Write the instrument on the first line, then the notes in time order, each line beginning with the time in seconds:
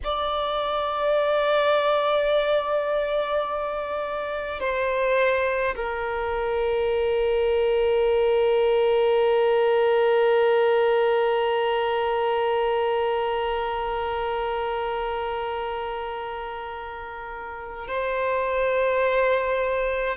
violin
0.04 D5
4.59 C5
5.75 A#4
17.87 C5